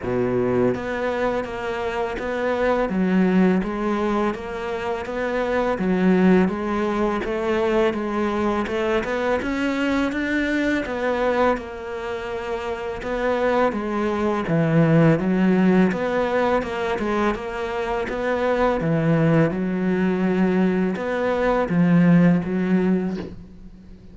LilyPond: \new Staff \with { instrumentName = "cello" } { \time 4/4 \tempo 4 = 83 b,4 b4 ais4 b4 | fis4 gis4 ais4 b4 | fis4 gis4 a4 gis4 | a8 b8 cis'4 d'4 b4 |
ais2 b4 gis4 | e4 fis4 b4 ais8 gis8 | ais4 b4 e4 fis4~ | fis4 b4 f4 fis4 | }